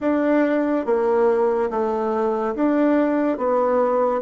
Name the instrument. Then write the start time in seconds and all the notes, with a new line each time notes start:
bassoon
0.00 D4
0.85 A#3
1.70 A3
2.55 D4
3.37 B3